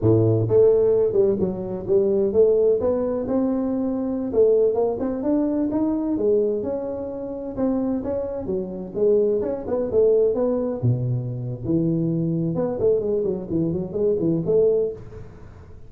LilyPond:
\new Staff \with { instrumentName = "tuba" } { \time 4/4 \tempo 4 = 129 a,4 a4. g8 fis4 | g4 a4 b4 c'4~ | c'4~ c'16 a4 ais8 c'8 d'8.~ | d'16 dis'4 gis4 cis'4.~ cis'16~ |
cis'16 c'4 cis'4 fis4 gis8.~ | gis16 cis'8 b8 a4 b4 b,8.~ | b,4 e2 b8 a8 | gis8 fis8 e8 fis8 gis8 e8 a4 | }